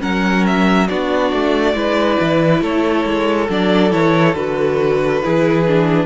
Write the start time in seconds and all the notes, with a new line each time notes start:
0.00 F#3 C#4 A#4 F#5
0.46 E5
0.88 B3 D4 F#4 D5
1.33 A3
1.74 G#3 E4 B4
2.21 E3
2.62 A3 A4 C#5
3.05 G#3
3.49 F#3 D4 D5
3.91 E3 E4 C#5
4.35 D3 F#4 B4
5.23 E3 E4 G#4
5.67 D4